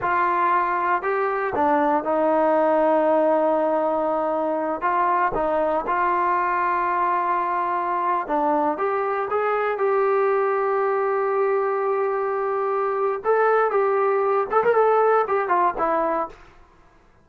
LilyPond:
\new Staff \with { instrumentName = "trombone" } { \time 4/4 \tempo 4 = 118 f'2 g'4 d'4 | dis'1~ | dis'4. f'4 dis'4 f'8~ | f'1~ |
f'16 d'4 g'4 gis'4 g'8.~ | g'1~ | g'2 a'4 g'4~ | g'8 a'16 ais'16 a'4 g'8 f'8 e'4 | }